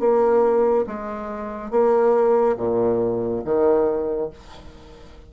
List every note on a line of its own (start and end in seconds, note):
0.00 0.86 A#3
0.87 1.71 G#3
1.71 2.57 A#3
2.58 3.43 A#2
3.45 4.31 D#3